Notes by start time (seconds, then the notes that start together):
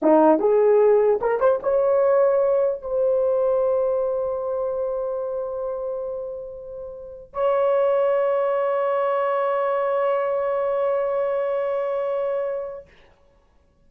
0.02 D#4
0.39 G#4
1.21 A#4
1.40 C5
1.63 C#5
2.81 C5
7.33 C#5